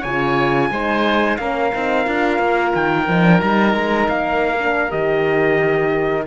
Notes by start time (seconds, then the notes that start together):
0.00 C#3 F4 C#5 G#5
0.70 G#3 D#4 C5
1.36 A#3 C#4 A#4 F5
1.73 C4 D#4
2.05 D4 F4
2.39 A#3
2.74 D#3 G5
3.08 F3 D#4
3.23 D4
3.39 G3 D#4 A#5
3.74 G#3
4.09 A#3 F5
4.58 D4
4.89 D#3 G4 D#5